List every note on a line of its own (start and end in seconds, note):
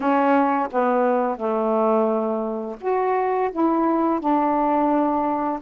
0.00 0.68 C#4
0.71 1.36 B3
1.36 2.76 A3
2.80 3.50 F#4
3.52 4.20 E4
4.20 5.59 D4